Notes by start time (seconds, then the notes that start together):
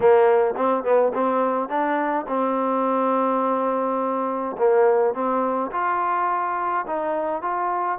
0.00 A#3
0.57 C4
0.83 B3
1.14 C4
1.68 D4
2.27 C4
4.57 A#3
5.14 C4
5.71 F4
6.86 D#4
7.41 F4